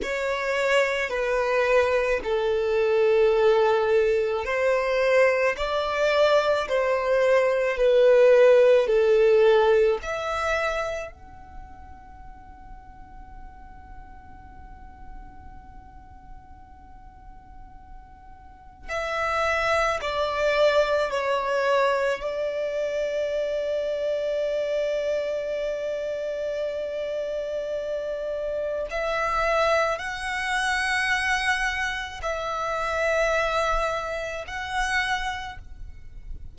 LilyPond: \new Staff \with { instrumentName = "violin" } { \time 4/4 \tempo 4 = 54 cis''4 b'4 a'2 | c''4 d''4 c''4 b'4 | a'4 e''4 fis''2~ | fis''1~ |
fis''4 e''4 d''4 cis''4 | d''1~ | d''2 e''4 fis''4~ | fis''4 e''2 fis''4 | }